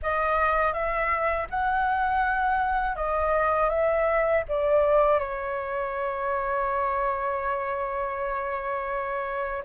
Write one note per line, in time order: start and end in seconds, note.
0.02 0.73 D#5
0.73 1.47 E5
1.50 2.96 F#5
2.96 3.69 D#5
3.69 4.43 E5
4.48 5.19 D5
5.19 9.63 C#5